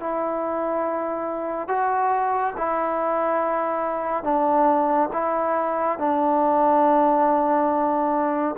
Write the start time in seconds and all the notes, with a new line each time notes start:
0.00 E4
1.68 F#4
2.58 E4
4.24 D4
5.13 E4
5.99 D4